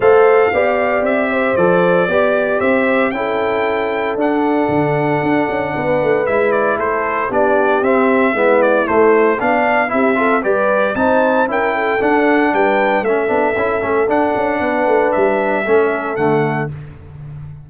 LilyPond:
<<
  \new Staff \with { instrumentName = "trumpet" } { \time 4/4 \tempo 4 = 115 f''2 e''4 d''4~ | d''4 e''4 g''2 | fis''1 | e''8 d''8 c''4 d''4 e''4~ |
e''8 d''8 c''4 f''4 e''4 | d''4 a''4 g''4 fis''4 | g''4 e''2 fis''4~ | fis''4 e''2 fis''4 | }
  \new Staff \with { instrumentName = "horn" } { \time 4/4 c''4 d''4. c''4. | d''4 c''4 a'2~ | a'2. b'4~ | b'4 a'4 g'2 |
e'2 d'4 g'8 a'8 | b'4 c''4 ais'8 a'4. | b'4 a'2. | b'2 a'2 | }
  \new Staff \with { instrumentName = "trombone" } { \time 4/4 a'4 g'2 a'4 | g'2 e'2 | d'1 | e'2 d'4 c'4 |
b4 a4 d'4 e'8 f'8 | g'4 dis'4 e'4 d'4~ | d'4 cis'8 d'8 e'8 cis'8 d'4~ | d'2 cis'4 a4 | }
  \new Staff \with { instrumentName = "tuba" } { \time 4/4 a4 b4 c'4 f4 | b4 c'4 cis'2 | d'4 d4 d'8 cis'8 b8 a8 | gis4 a4 b4 c'4 |
gis4 a4 b4 c'4 | g4 c'4 cis'4 d'4 | g4 a8 b8 cis'8 a8 d'8 cis'8 | b8 a8 g4 a4 d4 | }
>>